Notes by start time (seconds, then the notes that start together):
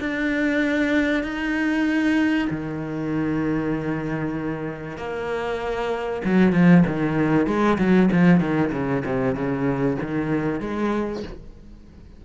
0.00 D4
1.24 D#4
2.51 D#3
4.97 A#3
6.25 F#3
6.53 F3
6.87 D#3
7.47 G#3
7.78 F#3
8.12 F3
8.40 D#3
8.72 C#3
9.05 C3
9.35 C#3
10.02 D#3
10.61 G#3